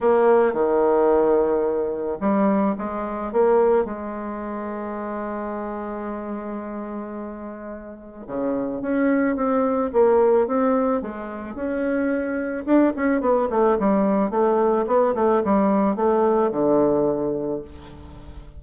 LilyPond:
\new Staff \with { instrumentName = "bassoon" } { \time 4/4 \tempo 4 = 109 ais4 dis2. | g4 gis4 ais4 gis4~ | gis1~ | gis2. cis4 |
cis'4 c'4 ais4 c'4 | gis4 cis'2 d'8 cis'8 | b8 a8 g4 a4 b8 a8 | g4 a4 d2 | }